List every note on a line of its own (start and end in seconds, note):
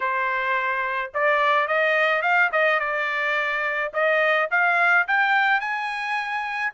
0.00 1.12 C5
1.14 1.67 D5
1.67 2.21 D#5
2.21 2.50 F5
2.52 2.79 D#5
2.79 3.92 D5
3.93 4.49 D#5
4.51 5.07 F5
5.07 5.60 G5
5.60 6.72 G#5